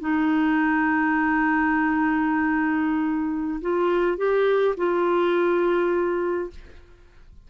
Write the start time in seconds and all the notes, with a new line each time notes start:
0.00 D#4
3.62 F4
4.17 G4
4.77 F4